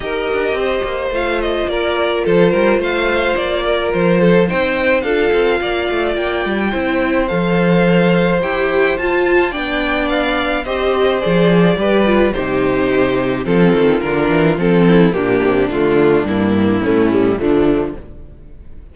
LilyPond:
<<
  \new Staff \with { instrumentName = "violin" } { \time 4/4 \tempo 4 = 107 dis''2 f''8 dis''8 d''4 | c''4 f''4 d''4 c''4 | g''4 f''2 g''4~ | g''4 f''2 g''4 |
a''4 g''4 f''4 dis''4 | d''2 c''2 | a'4 ais'4 a'4 g'4 | f'4 e'2 d'4 | }
  \new Staff \with { instrumentName = "violin" } { \time 4/4 ais'4 c''2 ais'4 | a'8 ais'8 c''4. ais'4 a'8 | c''4 a'4 d''2 | c''1~ |
c''4 d''2 c''4~ | c''4 b'4 g'2 | f'2~ f'8 e'8 d'4~ | d'2 cis'4 a4 | }
  \new Staff \with { instrumentName = "viola" } { \time 4/4 g'2 f'2~ | f'1 | dis'4 f'2. | e'4 a'2 g'4 |
f'4 d'2 g'4 | gis'4 g'8 f'8 dis'2 | c'4 d'4 c'4 ais4 | a4 ais4 a8 g8 f4 | }
  \new Staff \with { instrumentName = "cello" } { \time 4/4 dis'8 d'8 c'8 ais8 a4 ais4 | f8 g8 a4 ais4 f4 | c'4 d'8 c'8 ais8 a8 ais8 g8 | c'4 f2 e'4 |
f'4 b2 c'4 | f4 g4 c2 | f8 dis8 d8 e8 f4 ais,8 c8 | d4 g,4 a,4 d4 | }
>>